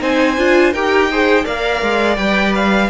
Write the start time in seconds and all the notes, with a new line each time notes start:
0.00 C4 D#4 C5 G#5
0.38 D4 F4
0.73 D#4 G4 A#4 G5
1.12 G#4 C5
1.45 A#3 A#4 D5 F5
1.82 G#3
2.17 G3 B4 G5
2.55 F5